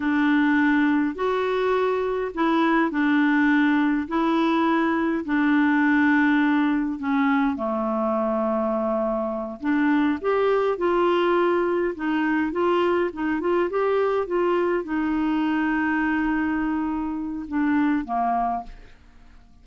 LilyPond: \new Staff \with { instrumentName = "clarinet" } { \time 4/4 \tempo 4 = 103 d'2 fis'2 | e'4 d'2 e'4~ | e'4 d'2. | cis'4 a2.~ |
a8 d'4 g'4 f'4.~ | f'8 dis'4 f'4 dis'8 f'8 g'8~ | g'8 f'4 dis'2~ dis'8~ | dis'2 d'4 ais4 | }